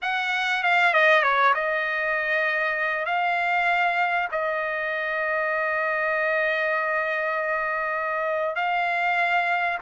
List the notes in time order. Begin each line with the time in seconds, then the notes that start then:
0.02 F#5
0.63 F5
0.93 D#5
1.22 C#5
1.54 D#5
3.05 F5
4.31 D#5
8.55 F5